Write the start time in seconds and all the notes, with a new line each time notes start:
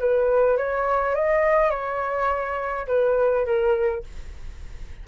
0.00 B4
0.57 C#5
1.15 D#5
1.71 C#5
2.88 B4
3.46 A#4